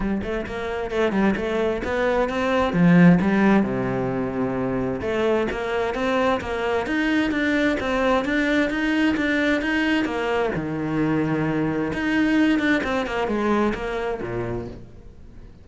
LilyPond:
\new Staff \with { instrumentName = "cello" } { \time 4/4 \tempo 4 = 131 g8 a8 ais4 a8 g8 a4 | b4 c'4 f4 g4 | c2. a4 | ais4 c'4 ais4 dis'4 |
d'4 c'4 d'4 dis'4 | d'4 dis'4 ais4 dis4~ | dis2 dis'4. d'8 | c'8 ais8 gis4 ais4 ais,4 | }